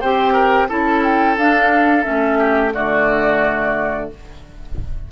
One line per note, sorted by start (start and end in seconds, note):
0.00 0.70 C4
0.00 0.69 G4
0.00 0.34 C5
0.00 0.68 G5
0.34 0.68 A#4
0.69 1.37 C#4
0.69 1.37 E4
0.69 2.39 A4
0.69 1.03 A5
1.03 1.37 G5
1.37 2.05 D4
1.37 2.03 D4
1.37 2.04 F5
2.03 2.75 A3
2.03 2.71 C#4
2.03 2.72 E5
2.39 2.73 G4
2.74 4.12 D3
2.74 4.10 A3
2.74 4.10 F#4
2.74 4.10 D5